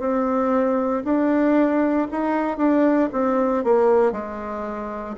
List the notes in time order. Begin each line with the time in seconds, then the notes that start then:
0.00 C4
1.05 D4
2.11 D#4
2.58 D4
3.13 C4
3.64 A#3
4.12 G#3